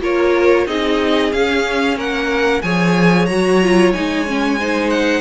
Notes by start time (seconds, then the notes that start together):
0.00 A#3 F4 A#4 C#5
0.66 C4 D#4 G#4 D#5
1.32 C#4 F5
1.97 A#3 A#4 F#5
2.62 F3 G#4 C#5 G#5
3.26 F#3 F#4 A#5
3.62 F4
3.93 G#3 D#4 G#5
4.26 C#4
4.59 D#4 C5
4.90 F#5